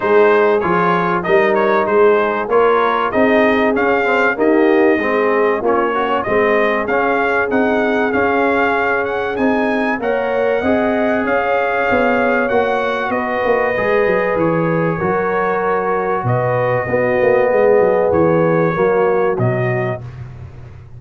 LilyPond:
<<
  \new Staff \with { instrumentName = "trumpet" } { \time 4/4 \tempo 4 = 96 c''4 cis''4 dis''8 cis''8 c''4 | cis''4 dis''4 f''4 dis''4~ | dis''4 cis''4 dis''4 f''4 | fis''4 f''4. fis''8 gis''4 |
fis''2 f''2 | fis''4 dis''2 cis''4~ | cis''2 dis''2~ | dis''4 cis''2 dis''4 | }
  \new Staff \with { instrumentName = "horn" } { \time 4/4 gis'2 ais'4 gis'4 | ais'4 gis'2 g'4 | gis'4 f'8 cis'8 gis'2~ | gis'1 |
cis''4 dis''4 cis''2~ | cis''4 b'2. | ais'2 b'4 fis'4 | gis'2 fis'2 | }
  \new Staff \with { instrumentName = "trombone" } { \time 4/4 dis'4 f'4 dis'2 | f'4 dis'4 cis'8 c'8 ais4 | c'4 cis'8 fis'8 c'4 cis'4 | dis'4 cis'2 dis'4 |
ais'4 gis'2. | fis'2 gis'2 | fis'2. b4~ | b2 ais4 fis4 | }
  \new Staff \with { instrumentName = "tuba" } { \time 4/4 gis4 f4 g4 gis4 | ais4 c'4 cis'4 dis'4 | gis4 ais4 gis4 cis'4 | c'4 cis'2 c'4 |
ais4 c'4 cis'4 b4 | ais4 b8 ais8 gis8 fis8 e4 | fis2 b,4 b8 ais8 | gis8 fis8 e4 fis4 b,4 | }
>>